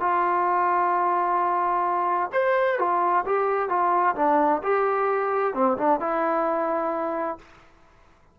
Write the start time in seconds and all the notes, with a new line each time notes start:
0.00 F4
2.32 C5
2.79 F4
3.25 G4
3.69 F4
4.16 D4
4.63 G4
5.54 C4
5.78 D4
6.00 E4